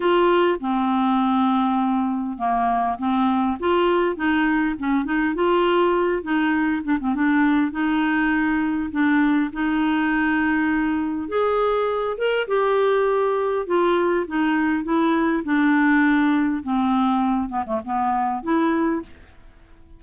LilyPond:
\new Staff \with { instrumentName = "clarinet" } { \time 4/4 \tempo 4 = 101 f'4 c'2. | ais4 c'4 f'4 dis'4 | cis'8 dis'8 f'4. dis'4 d'16 c'16 | d'4 dis'2 d'4 |
dis'2. gis'4~ | gis'8 ais'8 g'2 f'4 | dis'4 e'4 d'2 | c'4. b16 a16 b4 e'4 | }